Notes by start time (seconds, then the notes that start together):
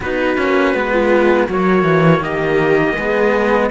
0.00 B3 D#4 F#4 B4
0.37 A#3 C#4
0.74 G#3 B3
0.91 F4
1.46 F#3 A#3 F#4 C#5
1.83 E3
2.19 D#3 G4 D#5
2.96 G#3 B3 G#4